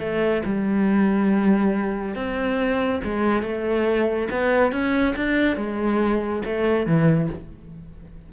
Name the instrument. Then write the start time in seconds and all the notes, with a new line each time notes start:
cello
0.00 A3
0.46 G3
2.15 C4
3.04 G#3
3.43 A3
4.31 B3
4.72 C#4
5.17 D4
5.57 G#3
6.46 A3
6.87 E3